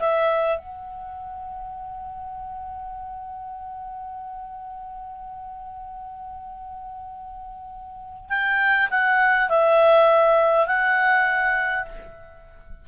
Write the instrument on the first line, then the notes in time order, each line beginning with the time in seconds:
clarinet
0.00 E5
0.59 F#5
8.30 G5
8.91 F#5
9.50 E5
10.67 F#5